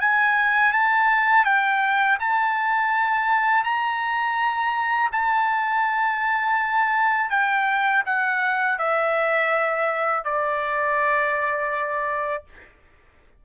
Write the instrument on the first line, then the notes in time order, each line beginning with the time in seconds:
trumpet
0.00 G#5
0.72 A5
1.45 G5
2.19 A5
3.64 A#5
5.12 A5
7.30 G5
8.05 F#5
8.78 E5
10.24 D5